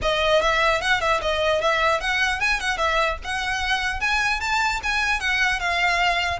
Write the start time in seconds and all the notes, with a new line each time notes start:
0.02 D#5
0.41 E5
0.81 F#5
1.01 E5
1.21 D#5
1.61 E5
2.00 F#5
2.40 G#5
2.59 F#5
2.77 E5
3.24 F#5
4.00 G#5
4.40 A5
4.83 G#5
5.19 F#5
5.59 F5